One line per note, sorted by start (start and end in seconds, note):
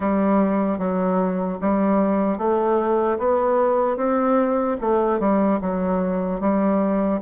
0.00 0.78 G3
0.78 1.58 F#3
1.60 2.38 G3
2.38 3.18 A3
3.18 3.96 B3
3.96 4.76 C4
4.80 5.19 A3
5.19 5.59 G3
5.61 6.40 F#3
6.40 7.20 G3